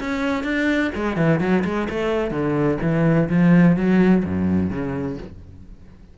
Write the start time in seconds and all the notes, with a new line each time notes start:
0.00 C#4
0.44 D4
0.96 G#3
1.16 E3
1.40 F#3
1.65 G#3
1.90 A3
2.31 D3
2.82 E3
3.29 F3
3.76 F#3
4.26 F#2
4.71 C#3